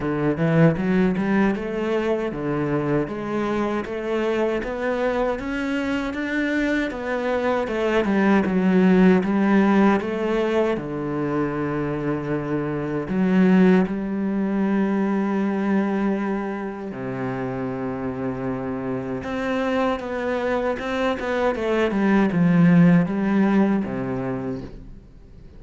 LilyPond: \new Staff \with { instrumentName = "cello" } { \time 4/4 \tempo 4 = 78 d8 e8 fis8 g8 a4 d4 | gis4 a4 b4 cis'4 | d'4 b4 a8 g8 fis4 | g4 a4 d2~ |
d4 fis4 g2~ | g2 c2~ | c4 c'4 b4 c'8 b8 | a8 g8 f4 g4 c4 | }